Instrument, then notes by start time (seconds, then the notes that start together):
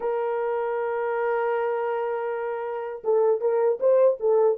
horn
0.00 A#4
3.04 A4
3.40 A#4
3.80 C5
4.20 A4